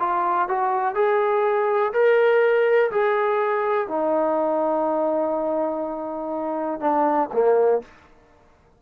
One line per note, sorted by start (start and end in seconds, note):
0.00 0.49 F4
0.49 0.95 F#4
0.95 1.93 G#4
1.94 2.91 A#4
2.92 3.88 G#4
3.88 6.81 D#4
6.81 7.30 D4
7.33 7.82 A#3